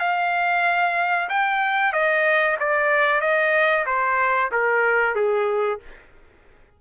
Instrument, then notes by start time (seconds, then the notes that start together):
trumpet
0.00 F5
1.30 G5
1.93 D#5
2.60 D5
3.21 D#5
3.87 C5
4.52 A#4
5.16 G#4